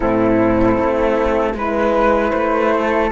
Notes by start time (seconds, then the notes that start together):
0.00 A2 C4 E4 A4
0.78 A3
1.54 G#3 E4 B4
2.31 A3 C5
2.75 A4